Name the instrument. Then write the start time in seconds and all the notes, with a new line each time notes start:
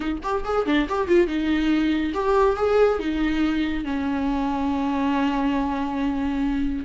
viola
0.00 D#4
0.22 G4
0.44 G#4
0.65 D4
0.88 G4
1.07 F4
1.27 D#4
2.14 G4
2.56 G#4
2.99 D#4
3.84 C#4